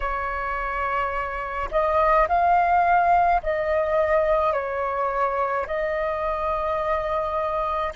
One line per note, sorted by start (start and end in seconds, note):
0.00 1.69 C#5
1.71 2.27 D#5
2.28 3.41 F5
3.43 4.52 D#5
4.52 5.66 C#5
5.66 7.92 D#5